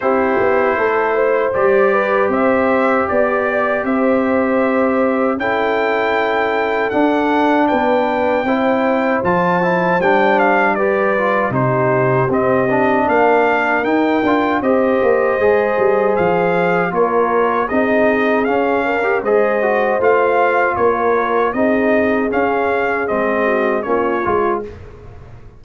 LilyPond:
<<
  \new Staff \with { instrumentName = "trumpet" } { \time 4/4 \tempo 4 = 78 c''2 d''4 e''4 | d''4 e''2 g''4~ | g''4 fis''4 g''2 | a''4 g''8 f''8 d''4 c''4 |
dis''4 f''4 g''4 dis''4~ | dis''4 f''4 cis''4 dis''4 | f''4 dis''4 f''4 cis''4 | dis''4 f''4 dis''4 cis''4 | }
  \new Staff \with { instrumentName = "horn" } { \time 4/4 g'4 a'8 c''4 b'8 c''4 | d''4 c''2 a'4~ | a'2 b'4 c''4~ | c''2 b'4 g'4~ |
g'4 ais'2 c''4~ | c''2 ais'4 gis'4~ | gis'8 ais'8 c''2 ais'4 | gis'2~ gis'8 fis'8 f'4 | }
  \new Staff \with { instrumentName = "trombone" } { \time 4/4 e'2 g'2~ | g'2. e'4~ | e'4 d'2 e'4 | f'8 e'8 d'4 g'8 f'8 dis'4 |
c'8 d'4. dis'8 f'8 g'4 | gis'2 f'4 dis'4 | cis'8. g'16 gis'8 fis'8 f'2 | dis'4 cis'4 c'4 cis'8 f'8 | }
  \new Staff \with { instrumentName = "tuba" } { \time 4/4 c'8 b8 a4 g4 c'4 | b4 c'2 cis'4~ | cis'4 d'4 b4 c'4 | f4 g2 c4 |
c'4 ais4 dis'8 d'8 c'8 ais8 | gis8 g8 f4 ais4 c'4 | cis'4 gis4 a4 ais4 | c'4 cis'4 gis4 ais8 gis8 | }
>>